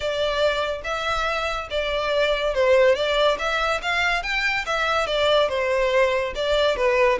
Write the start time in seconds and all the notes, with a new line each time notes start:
0.00 D5
0.84 E5
1.70 D5
2.54 C5
2.95 D5
3.38 E5
3.82 F5
4.23 G5
4.66 E5
5.06 D5
5.49 C5
6.35 D5
6.76 B4